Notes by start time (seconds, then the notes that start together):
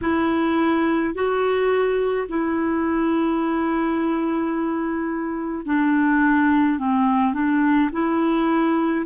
0.01 E4
1.14 F#4
2.28 E4
5.66 D4
6.79 C4
7.33 D4
7.92 E4